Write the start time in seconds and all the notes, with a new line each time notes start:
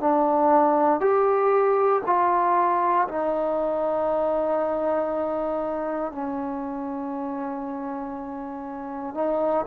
0.00 D4
1.00 G4
2.06 F4
3.08 D#4
6.12 C#4
9.15 D#4